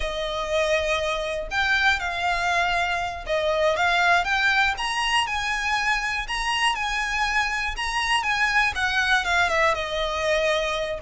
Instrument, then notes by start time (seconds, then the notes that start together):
violin
0.00 D#5
1.50 G5
1.99 F5
3.26 D#5
3.76 F5
4.24 G5
4.77 A#5
5.26 G#5
6.27 A#5
6.75 G#5
7.76 A#5
8.22 G#5
8.75 F#5
9.25 F5
9.49 E5
9.74 D#5